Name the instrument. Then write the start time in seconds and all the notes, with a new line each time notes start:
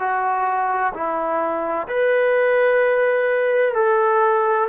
trombone
0.00 F#4
0.94 E4
1.88 B4
3.75 A4